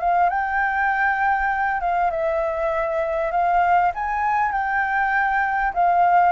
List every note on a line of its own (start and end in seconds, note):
0.00 0.29 F5
0.29 1.80 G5
1.80 2.11 F5
2.11 3.31 E5
3.31 3.92 F5
3.94 4.52 G#5
4.52 5.73 G5
5.74 6.32 F5